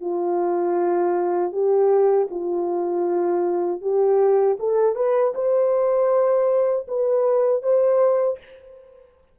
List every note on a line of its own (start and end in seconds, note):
0.00 1.52 F4
1.52 2.28 G4
2.30 3.81 F4
3.81 4.57 G4
4.59 4.95 A4
4.95 5.33 B4
5.34 6.86 C5
6.88 7.62 B4
7.62 8.38 C5